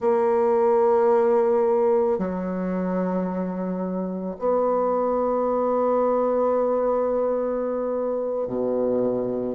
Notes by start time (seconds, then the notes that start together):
0.00 A#3
2.18 F#3
4.38 B3
8.47 B2